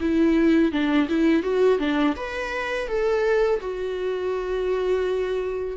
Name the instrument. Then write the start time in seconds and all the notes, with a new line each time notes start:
viola
0.00 E4
0.72 D4
1.08 E4
1.43 F#4
1.78 D4
2.16 B4
2.87 A4
3.60 F#4